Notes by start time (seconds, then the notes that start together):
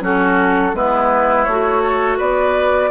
0.00 F#3 C#4 F#4 A4
0.74 G#3 B3 E4 B4
1.44 A3 F#4 C#5
1.83 A4
2.17 B3 B4 D5